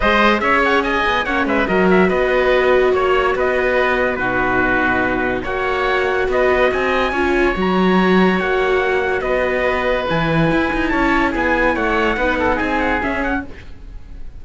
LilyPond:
<<
  \new Staff \with { instrumentName = "trumpet" } { \time 4/4 \tempo 4 = 143 dis''4 e''8 fis''8 gis''4 fis''8 e''8 | dis''8 e''8 dis''2 cis''4 | dis''2 b'2~ | b'4 fis''2 dis''4 |
gis''2 ais''2 | fis''2 dis''2 | gis''2 a''4 gis''4 | fis''2 gis''8 fis''8 e''8 fis''8 | }
  \new Staff \with { instrumentName = "oboe" } { \time 4/4 c''4 cis''4 dis''4 cis''8 b'8 | ais'4 b'2 cis''4 | b'2 fis'2~ | fis'4 cis''2 b'4 |
dis''4 cis''2.~ | cis''2 b'2~ | b'2 cis''4 gis'4 | cis''4 b'8 a'8 gis'2 | }
  \new Staff \with { instrumentName = "viola" } { \time 4/4 gis'2. cis'4 | fis'1~ | fis'2 dis'2~ | dis'4 fis'2.~ |
fis'4 f'4 fis'2~ | fis'1 | e'1~ | e'4 dis'2 cis'4 | }
  \new Staff \with { instrumentName = "cello" } { \time 4/4 gis4 cis'4. b8 ais8 gis8 | fis4 b2 ais4 | b2 b,2~ | b,4 ais2 b4 |
c'4 cis'4 fis2 | ais2 b2 | e4 e'8 dis'8 cis'4 b4 | a4 b4 c'4 cis'4 | }
>>